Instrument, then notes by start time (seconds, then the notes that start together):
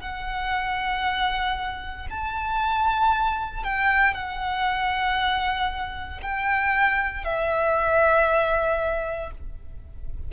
violin
0.00 F#5
2.10 A5
3.63 G5
4.14 F#5
6.22 G5
7.24 E5